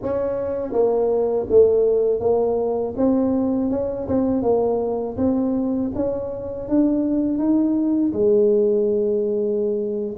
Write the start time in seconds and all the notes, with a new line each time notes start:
0.02 C#4
0.72 A#3
1.49 A3
2.20 A#3
2.96 C4
3.70 C#4
4.07 C4
4.42 A#3
5.17 C4
5.95 C#4
6.68 D4
7.38 D#4
8.12 G#3